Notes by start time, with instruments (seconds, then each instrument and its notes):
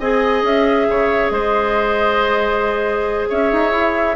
0.00 bassoon C4, clarinet G#4, oboe D#5, flute G#5
0.43 bassoon C#4, flute E5
0.89 bassoon C#3, oboe C#5
1.30 bassoon G#3, oboe C5, flute D#5
3.30 bassoon C#4, oboe C#5, flute E5
3.53 bassoon D#4
3.72 bassoon E4